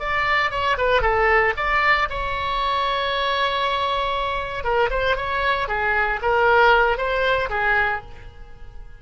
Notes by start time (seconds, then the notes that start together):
0.00 D5
0.51 C#5
0.78 B4
1.02 A4
1.57 D5
2.10 C#5
4.64 A#4
4.91 C5
5.17 C#5
5.68 G#4
6.22 A#4
6.98 C5
7.50 G#4